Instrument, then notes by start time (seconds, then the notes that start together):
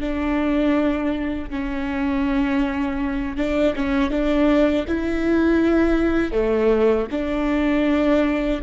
viola
0.00 D4
1.50 C#4
3.37 D4
3.75 C#4
4.10 D4
4.88 E4
6.32 A3
7.11 D4